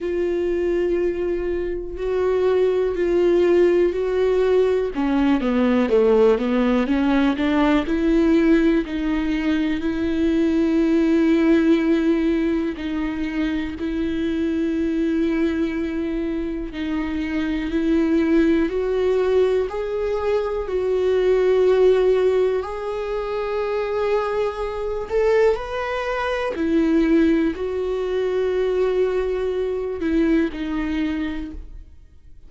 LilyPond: \new Staff \with { instrumentName = "viola" } { \time 4/4 \tempo 4 = 61 f'2 fis'4 f'4 | fis'4 cis'8 b8 a8 b8 cis'8 d'8 | e'4 dis'4 e'2~ | e'4 dis'4 e'2~ |
e'4 dis'4 e'4 fis'4 | gis'4 fis'2 gis'4~ | gis'4. a'8 b'4 e'4 | fis'2~ fis'8 e'8 dis'4 | }